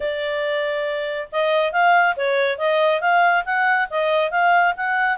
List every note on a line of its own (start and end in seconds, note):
0.00 1.28 D5
1.31 1.72 D#5
1.72 2.15 F5
2.16 2.58 C#5
2.58 3.01 D#5
3.01 3.44 F5
3.45 3.88 F#5
3.90 4.30 D#5
4.30 4.74 F5
4.76 5.17 F#5